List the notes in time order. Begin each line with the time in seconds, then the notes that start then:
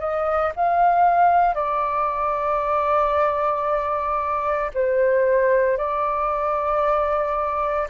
0.00 D#5
0.56 F5
1.55 D5
4.74 C5
5.78 D5